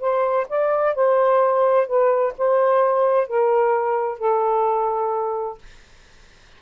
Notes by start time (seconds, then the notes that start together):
0.00 C5
0.49 D5
0.95 C5
1.87 B4
2.38 C5
3.27 A#4
4.18 A4